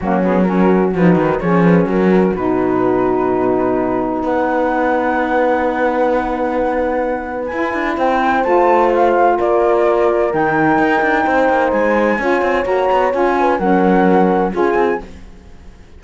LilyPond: <<
  \new Staff \with { instrumentName = "flute" } { \time 4/4 \tempo 4 = 128 fis'8 gis'8 ais'4 b'4 cis''8 b'8 | ais'4 b'2.~ | b'4 fis''2.~ | fis''1 |
gis''4 g''4 a''4 f''4 | d''2 g''2~ | g''4 gis''2 ais''4 | gis''4 fis''2 gis''4 | }
  \new Staff \with { instrumentName = "horn" } { \time 4/4 cis'4 fis'2 gis'4 | fis'1~ | fis'4 b'2.~ | b'1~ |
b'4 c''2. | ais'1 | c''2 cis''2~ | cis''8 b'8 ais'2 gis'4 | }
  \new Staff \with { instrumentName = "saxophone" } { \time 4/4 ais8 b8 cis'4 dis'4 cis'4~ | cis'4 dis'2.~ | dis'1~ | dis'1 |
e'2 f'2~ | f'2 dis'2~ | dis'2 f'4 fis'4 | f'4 cis'2 f'4 | }
  \new Staff \with { instrumentName = "cello" } { \time 4/4 fis2 f8 dis8 f4 | fis4 b,2.~ | b,4 b2.~ | b1 |
e'8 d'8 c'4 a2 | ais2 dis4 dis'8 d'8 | c'8 ais8 gis4 cis'8 c'8 ais8 b8 | cis'4 fis2 cis'8 c'8 | }
>>